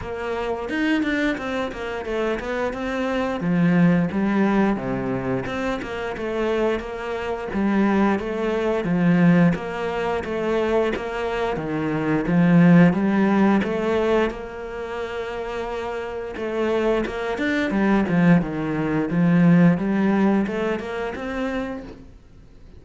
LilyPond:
\new Staff \with { instrumentName = "cello" } { \time 4/4 \tempo 4 = 88 ais4 dis'8 d'8 c'8 ais8 a8 b8 | c'4 f4 g4 c4 | c'8 ais8 a4 ais4 g4 | a4 f4 ais4 a4 |
ais4 dis4 f4 g4 | a4 ais2. | a4 ais8 d'8 g8 f8 dis4 | f4 g4 a8 ais8 c'4 | }